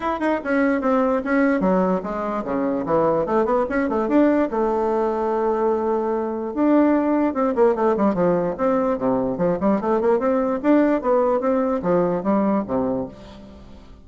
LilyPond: \new Staff \with { instrumentName = "bassoon" } { \time 4/4 \tempo 4 = 147 e'8 dis'8 cis'4 c'4 cis'4 | fis4 gis4 cis4 e4 | a8 b8 cis'8 a8 d'4 a4~ | a1 |
d'2 c'8 ais8 a8 g8 | f4 c'4 c4 f8 g8 | a8 ais8 c'4 d'4 b4 | c'4 f4 g4 c4 | }